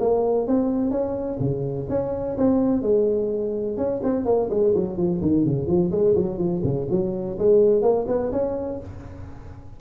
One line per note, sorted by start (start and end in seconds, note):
0.00 0.48 A#3
0.48 0.91 C4
0.91 1.39 C#4
1.40 1.87 C#3
1.89 2.37 C#4
2.38 2.82 C4
2.82 3.77 G#3
3.77 4.01 C#4
4.03 4.26 C4
4.26 4.50 A#3
4.50 4.74 G#3
4.75 4.97 F#3
4.97 5.21 F3
5.22 5.45 D#3
5.45 5.67 C#3
5.67 5.91 F3
5.92 6.15 G#3
6.16 6.39 F#3
6.39 6.62 F3
6.64 6.88 C#3
6.91 7.38 F#3
7.39 7.82 G#3
7.82 8.06 A#3
8.08 8.32 B3
8.32 8.80 C#4